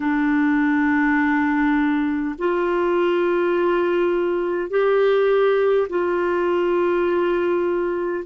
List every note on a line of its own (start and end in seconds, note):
0.00 2.35 D4
2.38 4.70 F4
4.70 5.87 G4
5.89 8.24 F4